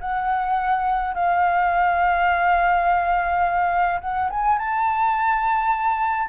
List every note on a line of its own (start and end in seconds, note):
0.00 1.14 F#5
1.14 4.00 F5
4.01 4.29 F#5
4.30 4.58 G#5
4.58 6.28 A5